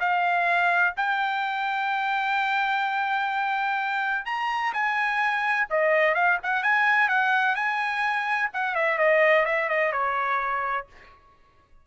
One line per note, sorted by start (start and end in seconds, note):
0.00 0.94 F5
0.97 4.26 G5
4.26 4.73 A#5
4.74 5.68 G#5
5.70 6.15 D#5
6.15 6.38 F5
6.43 6.63 F#5
6.63 7.09 G#5
7.09 7.56 F#5
7.56 8.50 G#5
8.54 8.75 F#5
8.75 8.98 E5
8.98 9.46 D#5
9.46 9.69 E5
9.69 9.92 D#5
9.92 10.87 C#5